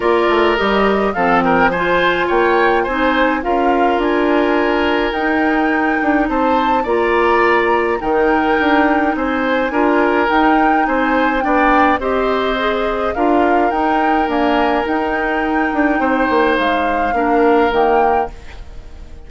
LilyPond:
<<
  \new Staff \with { instrumentName = "flute" } { \time 4/4 \tempo 4 = 105 d''4 dis''4 f''8 g''8 gis''4 | g''4 gis''4 f''4 gis''4~ | gis''4 g''2 a''4 | ais''2 g''2 |
gis''2 g''4 gis''4 | g''4 dis''2 f''4 | g''4 gis''4 g''2~ | g''4 f''2 g''4 | }
  \new Staff \with { instrumentName = "oboe" } { \time 4/4 ais'2 a'8 ais'8 c''4 | cis''4 c''4 ais'2~ | ais'2. c''4 | d''2 ais'2 |
c''4 ais'2 c''4 | d''4 c''2 ais'4~ | ais'1 | c''2 ais'2 | }
  \new Staff \with { instrumentName = "clarinet" } { \time 4/4 f'4 g'4 c'4 f'4~ | f'4 dis'4 f'2~ | f'4 dis'2. | f'2 dis'2~ |
dis'4 f'4 dis'2 | d'4 g'4 gis'4 f'4 | dis'4 ais4 dis'2~ | dis'2 d'4 ais4 | }
  \new Staff \with { instrumentName = "bassoon" } { \time 4/4 ais8 a8 g4 f2 | ais4 c'4 cis'4 d'4~ | d'4 dis'4. d'8 c'4 | ais2 dis4 d'4 |
c'4 d'4 dis'4 c'4 | b4 c'2 d'4 | dis'4 d'4 dis'4. d'8 | c'8 ais8 gis4 ais4 dis4 | }
>>